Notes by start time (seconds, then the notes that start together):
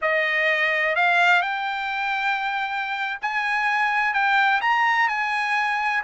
0.01 D#5
0.95 F5
1.42 G5
3.21 G#5
4.13 G5
4.61 A#5
5.08 G#5